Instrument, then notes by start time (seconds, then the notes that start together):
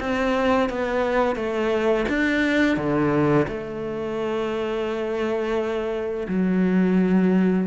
cello
0.00 C4
0.70 B3
1.36 A3
2.09 D4
2.77 D3
3.49 A3
6.29 F#3